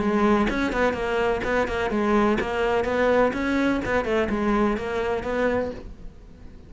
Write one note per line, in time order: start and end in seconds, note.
0.00 0.48 G#3
0.50 0.73 C#4
0.73 0.94 B3
0.94 1.41 A#3
1.44 1.68 B3
1.68 1.91 A#3
1.91 2.39 G#3
2.41 2.85 A#3
2.85 3.32 B3
3.34 3.81 C#4
3.86 4.05 B3
4.05 4.29 A3
4.30 4.78 G#3
4.78 5.24 A#3
5.24 5.71 B3